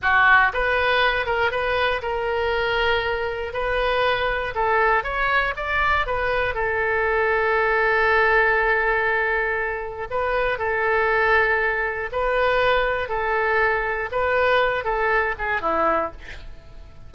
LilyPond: \new Staff \with { instrumentName = "oboe" } { \time 4/4 \tempo 4 = 119 fis'4 b'4. ais'8 b'4 | ais'2. b'4~ | b'4 a'4 cis''4 d''4 | b'4 a'2.~ |
a'1 | b'4 a'2. | b'2 a'2 | b'4. a'4 gis'8 e'4 | }